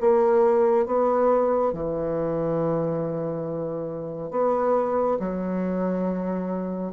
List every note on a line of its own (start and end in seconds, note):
0.00 0.85 A#3
0.85 1.72 B3
1.72 4.30 E3
4.30 5.17 B3
5.19 6.92 F#3